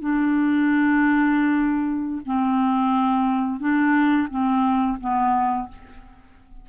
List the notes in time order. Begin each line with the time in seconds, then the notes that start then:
0.00 D4
2.26 C4
3.60 D4
4.30 C4
5.00 B3